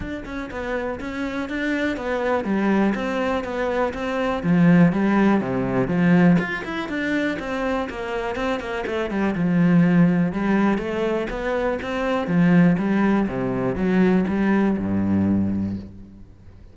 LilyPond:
\new Staff \with { instrumentName = "cello" } { \time 4/4 \tempo 4 = 122 d'8 cis'8 b4 cis'4 d'4 | b4 g4 c'4 b4 | c'4 f4 g4 c4 | f4 f'8 e'8 d'4 c'4 |
ais4 c'8 ais8 a8 g8 f4~ | f4 g4 a4 b4 | c'4 f4 g4 c4 | fis4 g4 g,2 | }